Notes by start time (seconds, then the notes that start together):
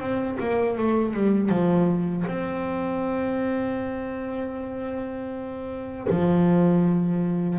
0.00 C4
0.40 A#3
0.78 A3
1.14 G3
1.49 F3
2.28 C4
6.10 F3